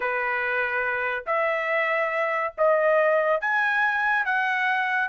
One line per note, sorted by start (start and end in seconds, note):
0.00 1.24 B4
1.26 2.54 E5
2.57 3.40 D#5
3.40 4.25 G#5
4.25 5.08 F#5